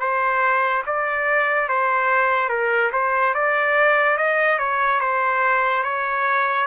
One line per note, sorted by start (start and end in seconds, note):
0.00 0.83 C5
0.87 1.69 D5
1.69 2.50 C5
2.50 2.91 A#4
2.93 3.34 C5
3.34 4.18 D5
4.18 4.59 D#5
4.59 5.01 C#5
5.01 5.84 C5
5.84 6.67 C#5